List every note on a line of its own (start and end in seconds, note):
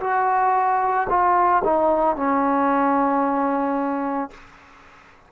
0.00 1.07 F#4
1.09 1.63 F4
1.65 2.16 D#4
2.16 4.31 C#4